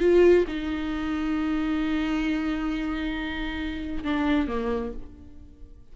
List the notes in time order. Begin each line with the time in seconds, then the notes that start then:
0.00 F4
0.48 D#4
4.04 D4
4.48 A#3